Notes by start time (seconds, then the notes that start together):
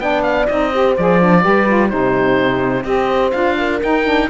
0.00 B3 D4 D5 G5
0.23 F5
0.47 C4 D#4 D#5
0.73 G4 C5
0.98 F3 G#4 D5
1.21 D4
1.42 G3 G4 B4
1.67 F4
1.89 C3 D#4 G4 C5
2.84 C4 G4 C5 D#5
3.31 D4 F4 F5
3.58 A#4
3.83 D#4 G5
4.05 D4